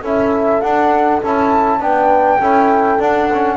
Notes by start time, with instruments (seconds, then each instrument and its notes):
0.00 double bass C#4, trombone E4, horn A4, flute E5
0.61 double bass D4, trombone D4, flute F#5
1.23 double bass C#4, trombone E4, flute A5
1.79 double bass B3, trombone D4, horn B4, flute G5
2.39 double bass C#4, trombone E4, horn A4
2.98 trombone D4, double bass D4, flute F#5
3.33 trombone C#4